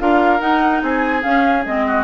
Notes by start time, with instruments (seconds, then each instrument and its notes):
0.00 bassoon D4, clarinet F4, oboe A#4, flute F5
0.40 clarinet D#4, bassoon D#4, flute F#5
0.83 bassoon C4, oboe G#4, flute G#5
1.23 clarinet C#4, bassoon C#4, flute F5
1.66 bassoon G#3, clarinet C4, flute D#5
1.87 oboe F#4